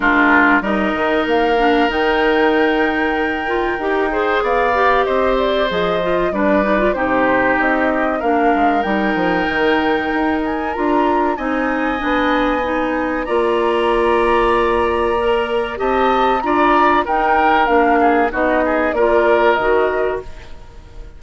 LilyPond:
<<
  \new Staff \with { instrumentName = "flute" } { \time 4/4 \tempo 4 = 95 ais'4 dis''4 f''4 g''4~ | g''2. f''4 | dis''8 d''8 dis''4 d''4 c''4 | dis''4 f''4 g''2~ |
g''8 gis''8 ais''4 gis''2~ | gis''4 ais''2.~ | ais''4 a''4 ais''4 g''4 | f''4 dis''4 d''4 dis''4 | }
  \new Staff \with { instrumentName = "oboe" } { \time 4/4 f'4 ais'2.~ | ais'2~ ais'8 c''8 d''4 | c''2 b'4 g'4~ | g'4 ais'2.~ |
ais'2 dis''2~ | dis''4 d''2.~ | d''4 dis''4 d''4 ais'4~ | ais'8 gis'8 fis'8 gis'8 ais'2 | }
  \new Staff \with { instrumentName = "clarinet" } { \time 4/4 d'4 dis'4. d'8 dis'4~ | dis'4. f'8 g'8 gis'4 g'8~ | g'4 gis'8 f'8 d'8 dis'16 f'16 dis'4~ | dis'4 d'4 dis'2~ |
dis'4 f'4 dis'4 d'4 | dis'4 f'2. | ais'4 g'4 f'4 dis'4 | d'4 dis'4 f'4 fis'4 | }
  \new Staff \with { instrumentName = "bassoon" } { \time 4/4 gis4 g8 dis8 ais4 dis4~ | dis2 dis'4 b4 | c'4 f4 g4 c4 | c'4 ais8 gis8 g8 f8 dis4 |
dis'4 d'4 c'4 b4~ | b4 ais2.~ | ais4 c'4 d'4 dis'4 | ais4 b4 ais4 dis4 | }
>>